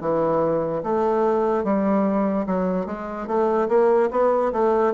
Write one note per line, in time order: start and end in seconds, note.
0.00 0.82 E3
0.83 1.64 A3
1.64 2.46 G3
2.46 2.86 F#3
2.86 3.27 G#3
3.27 3.68 A3
3.68 4.09 A#3
4.11 4.52 B3
4.52 4.93 A3